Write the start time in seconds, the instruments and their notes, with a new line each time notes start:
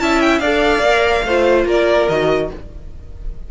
0.00 cello C#4, viola E4, violin E5 A5
0.21 violin G5
0.39 cello D4, viola A4, violin D5 F5
0.79 cello A#3, viola A#4
1.24 cello A3, viola F4, violin C5
1.66 cello A#3, violin A#4 D5
2.09 cello D#3, viola F#4, violin D#5